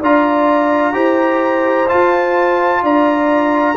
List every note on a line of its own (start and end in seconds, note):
0.00 0.95 D4
0.00 0.93 F4
0.00 0.94 D5
0.00 1.89 A#5
0.93 1.88 E4
0.93 1.87 G4
0.93 2.82 C5
1.88 3.76 F4
1.88 2.82 F4
1.88 2.83 A5
2.82 3.76 D4
2.82 3.77 D5
2.82 3.77 A#5